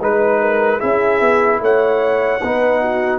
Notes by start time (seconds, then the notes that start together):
0.00 G#3 D#4 B4
0.41 A#4
0.79 C#4 E4 G#4 E5
1.20 B3
1.60 A3 C#5 F#5
2.41 B3 D#4 B4
2.81 F#4